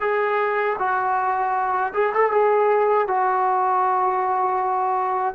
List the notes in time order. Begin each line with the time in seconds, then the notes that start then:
0.00 G#4
0.78 F#4
1.93 G#4
2.14 A4
2.31 G#4
3.07 F#4